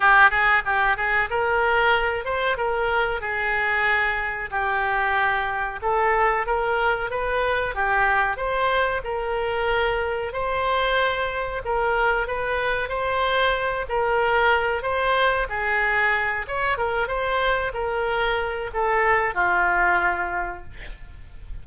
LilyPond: \new Staff \with { instrumentName = "oboe" } { \time 4/4 \tempo 4 = 93 g'8 gis'8 g'8 gis'8 ais'4. c''8 | ais'4 gis'2 g'4~ | g'4 a'4 ais'4 b'4 | g'4 c''4 ais'2 |
c''2 ais'4 b'4 | c''4. ais'4. c''4 | gis'4. cis''8 ais'8 c''4 ais'8~ | ais'4 a'4 f'2 | }